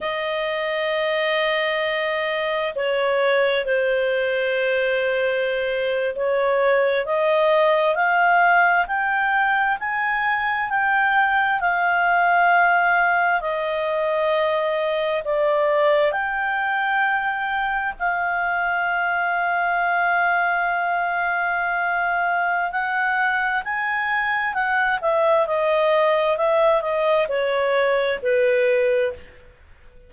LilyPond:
\new Staff \with { instrumentName = "clarinet" } { \time 4/4 \tempo 4 = 66 dis''2. cis''4 | c''2~ c''8. cis''4 dis''16~ | dis''8. f''4 g''4 gis''4 g''16~ | g''8. f''2 dis''4~ dis''16~ |
dis''8. d''4 g''2 f''16~ | f''1~ | f''4 fis''4 gis''4 fis''8 e''8 | dis''4 e''8 dis''8 cis''4 b'4 | }